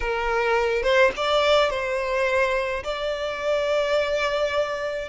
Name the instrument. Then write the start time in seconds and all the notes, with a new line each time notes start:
violin
0.00 A#4
0.83 C5
1.16 D5
1.70 C5
2.83 D5